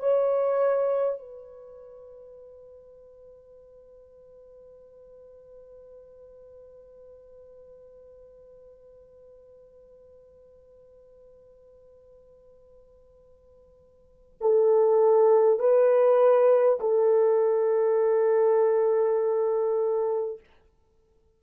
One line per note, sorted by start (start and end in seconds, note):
0.00 1.19 C#5
1.19 14.39 B4
14.41 15.59 A4
15.59 16.79 B4
16.80 20.40 A4